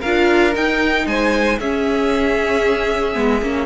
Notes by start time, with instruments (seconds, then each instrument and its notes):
0.00 cello D4, viola F4, violin A#4 F5
0.53 viola D#4, cello D#4, violin G5
1.06 cello G#3, violin C5 G#5
1.59 cello C#4, viola C#4, violin G#4 E5
3.15 cello G#3, viola B3
3.42 cello A#3, viola C#4